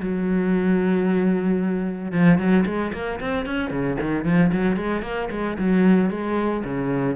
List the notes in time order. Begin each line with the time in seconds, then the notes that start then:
0.00 F#3
2.11 F3
2.38 F#3
2.65 G#3
2.93 A#3
3.20 C4
3.45 C#4
3.70 C#3
4.00 D#3
4.24 F3
4.52 F#3
4.76 G#3
5.02 A#3
5.30 G#3
5.58 F#3
6.10 G#3
6.64 C#3